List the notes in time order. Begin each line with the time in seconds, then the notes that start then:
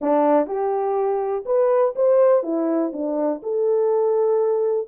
0.01 D4
0.46 G4
1.45 B4
1.95 C5
2.43 E4
2.92 D4
3.43 A4